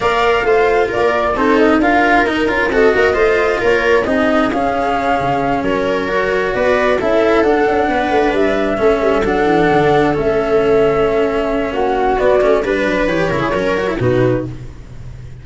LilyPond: <<
  \new Staff \with { instrumentName = "flute" } { \time 4/4 \tempo 4 = 133 f''2 d''4 c''8 dis''8 | f''4 ais'4 dis''2 | cis''4 dis''4 f''2~ | f''8 cis''2 d''4 e''8~ |
e''8 fis''2 e''4.~ | e''8 fis''2 e''4.~ | e''2 fis''4 d''4 | b'4 cis''2 b'4 | }
  \new Staff \with { instrumentName = "viola" } { \time 4/4 d''4 c''4 ais'4 a'4 | ais'2 a'8 ais'8 c''4 | ais'4 gis'2.~ | gis'8 ais'2 b'4 a'8~ |
a'4. b'2 a'8~ | a'1~ | a'2 fis'2 | b'4. ais'16 gis'16 ais'4 fis'4 | }
  \new Staff \with { instrumentName = "cello" } { \time 4/4 ais'4 f'2 dis'4 | f'4 dis'8 f'8 fis'4 f'4~ | f'4 dis'4 cis'2~ | cis'4. fis'2 e'8~ |
e'8 d'2. cis'8~ | cis'8 d'2 cis'4.~ | cis'2. b8 cis'8 | d'4 g'8 e'8 cis'8 fis'16 e'16 dis'4 | }
  \new Staff \with { instrumentName = "tuba" } { \time 4/4 ais4 a4 ais4 c'4 | d'4 dis'8 cis'8 c'8 ais8 a4 | ais4 c'4 cis'4. cis8~ | cis8 fis2 b4 cis'8~ |
cis'8 d'8 cis'8 b8 a8 g4 a8 | g8 fis8 e8 d4 a4.~ | a2 ais4 b8 a8 | g8 fis8 e8 cis8 fis4 b,4 | }
>>